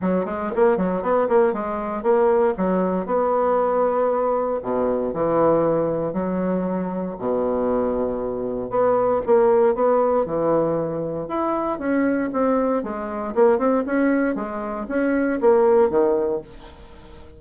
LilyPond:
\new Staff \with { instrumentName = "bassoon" } { \time 4/4 \tempo 4 = 117 fis8 gis8 ais8 fis8 b8 ais8 gis4 | ais4 fis4 b2~ | b4 b,4 e2 | fis2 b,2~ |
b,4 b4 ais4 b4 | e2 e'4 cis'4 | c'4 gis4 ais8 c'8 cis'4 | gis4 cis'4 ais4 dis4 | }